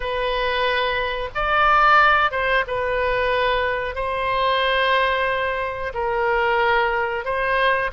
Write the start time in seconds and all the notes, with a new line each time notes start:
0.00 B4
1.34 D5
2.31 C5
2.67 B4
3.95 C5
5.93 A#4
7.24 C5